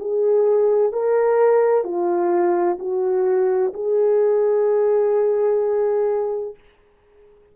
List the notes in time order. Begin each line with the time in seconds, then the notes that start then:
0.00 G#4
0.92 A#4
1.84 F4
2.80 F#4
3.74 G#4